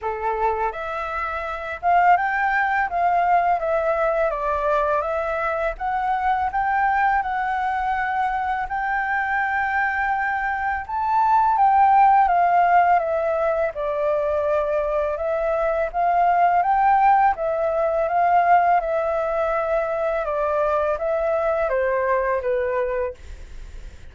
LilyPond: \new Staff \with { instrumentName = "flute" } { \time 4/4 \tempo 4 = 83 a'4 e''4. f''8 g''4 | f''4 e''4 d''4 e''4 | fis''4 g''4 fis''2 | g''2. a''4 |
g''4 f''4 e''4 d''4~ | d''4 e''4 f''4 g''4 | e''4 f''4 e''2 | d''4 e''4 c''4 b'4 | }